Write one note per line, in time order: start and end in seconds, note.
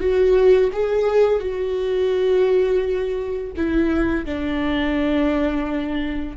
0.00 0.71 F#4
0.73 1.40 G#4
1.40 3.51 F#4
3.56 4.25 E4
4.25 6.37 D4